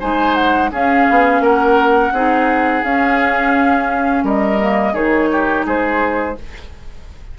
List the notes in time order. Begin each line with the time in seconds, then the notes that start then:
0.00 G#3 D#4 C5 G#5
0.35 F#5
0.72 C#4 G#4 F5
1.10 B3
1.41 A#3 A#4 F#5
2.13 C4 D#4 G#4
2.84 C#4 F5
4.24 G3 A#4 D#5
4.60 A#3
4.93 D#3 D#4 G#4 C#5
5.32 G4
5.66 G#3 G#4 C5